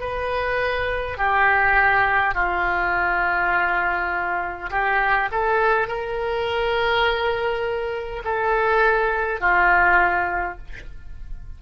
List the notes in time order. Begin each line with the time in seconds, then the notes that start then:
0.00 B4
1.17 G4
2.34 F4
4.70 G4
5.31 A4
5.87 A#4
8.24 A4
9.40 F4